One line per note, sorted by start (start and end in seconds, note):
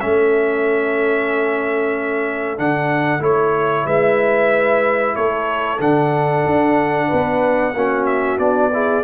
0.00 2.58 A3
0.00 2.58 C#4
0.00 3.85 A4
0.00 2.58 E5
2.58 3.20 D3
2.58 3.20 D4
2.58 3.23 F#5
3.20 3.84 A3
3.20 5.78 E4
3.20 3.87 C#5
3.85 5.14 G#3
3.85 5.15 B4
3.85 5.15 E5
5.15 5.79 A3
5.15 7.08 A4
5.15 5.80 C#5
5.79 6.44 D3
5.79 7.74 D4
5.79 8.06 F#5
6.46 7.10 D4
7.08 7.74 B3
7.08 7.72 B4
7.74 8.38 A#3
7.74 8.38 C#4
7.74 8.72 F#4
8.06 8.38 E5
8.38 9.03 B3
8.38 8.71 D4
8.38 9.03 D5
8.73 9.03 E4
8.73 9.03 G#4